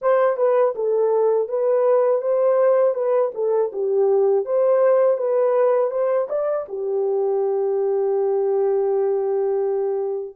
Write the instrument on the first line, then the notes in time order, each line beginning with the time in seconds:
horn
0.01 C5
0.37 B4
0.75 A4
1.48 B4
2.21 C5
2.94 B4
3.34 A4
3.72 G4
4.45 C5
5.17 B4
5.90 C5
6.28 D5
6.68 G4